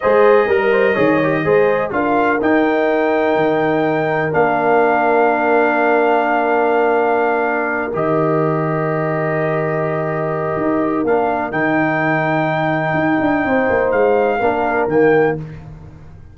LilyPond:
<<
  \new Staff \with { instrumentName = "trumpet" } { \time 4/4 \tempo 4 = 125 dis''1 | f''4 g''2.~ | g''4 f''2.~ | f''1~ |
f''8 dis''2.~ dis''8~ | dis''2. f''4 | g''1~ | g''4 f''2 g''4 | }
  \new Staff \with { instrumentName = "horn" } { \time 4/4 c''4 ais'8 c''8 cis''4 c''4 | ais'1~ | ais'1~ | ais'1~ |
ais'1~ | ais'1~ | ais'1 | c''2 ais'2 | }
  \new Staff \with { instrumentName = "trombone" } { \time 4/4 gis'4 ais'4 gis'8 g'8 gis'4 | f'4 dis'2.~ | dis'4 d'2.~ | d'1~ |
d'8 g'2.~ g'8~ | g'2. d'4 | dis'1~ | dis'2 d'4 ais4 | }
  \new Staff \with { instrumentName = "tuba" } { \time 4/4 gis4 g4 dis4 gis4 | d'4 dis'2 dis4~ | dis4 ais2.~ | ais1~ |
ais8 dis2.~ dis8~ | dis2 dis'4 ais4 | dis2. dis'8 d'8 | c'8 ais8 gis4 ais4 dis4 | }
>>